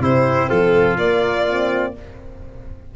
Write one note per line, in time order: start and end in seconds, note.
0.00 0.48 C3
0.00 0.99 C4
0.00 0.49 E4
0.00 0.49 C5
0.49 0.98 F3
0.49 1.94 F4
0.49 0.97 A4
0.98 1.94 A#3
0.98 1.47 A#3
0.98 1.94 D5
1.48 1.96 C4